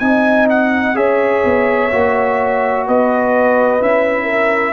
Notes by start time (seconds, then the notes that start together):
0.00 C4 D#4 D#5 G#5
0.50 F#5
0.95 C#4 G#4 C#5 E5
1.45 B3
1.92 A#3 F#4
2.87 B3 B4 D#5
3.81 C#4 E4 E5
4.24 A#4